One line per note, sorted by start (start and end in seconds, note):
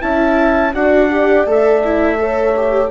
0.00 0.74 C#4
0.00 0.72 E4
0.00 0.74 E5
0.00 0.74 A5
0.73 1.46 D4
0.73 1.10 F#4
0.73 2.19 D5
0.73 1.47 F#5
1.10 1.47 G4
1.46 2.90 A3
1.46 1.83 A4
1.46 2.91 E5
1.84 2.18 E4
2.18 2.54 A4
2.18 2.91 C#5
2.56 2.91 G4